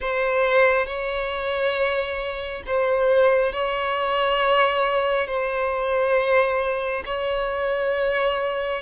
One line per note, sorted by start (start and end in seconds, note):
0.00 0.86 C5
0.86 2.62 C#5
2.66 3.52 C5
3.52 5.27 C#5
5.27 7.03 C5
7.05 8.82 C#5